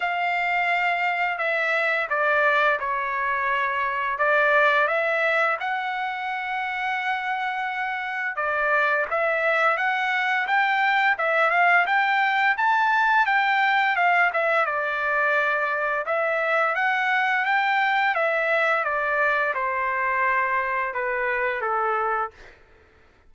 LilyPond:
\new Staff \with { instrumentName = "trumpet" } { \time 4/4 \tempo 4 = 86 f''2 e''4 d''4 | cis''2 d''4 e''4 | fis''1 | d''4 e''4 fis''4 g''4 |
e''8 f''8 g''4 a''4 g''4 | f''8 e''8 d''2 e''4 | fis''4 g''4 e''4 d''4 | c''2 b'4 a'4 | }